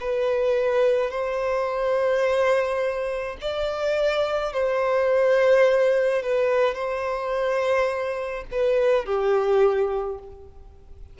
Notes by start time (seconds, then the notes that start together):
0.00 B4
1.10 C5
3.41 D5
4.53 C5
6.22 B4
6.75 C5
8.51 B4
9.05 G4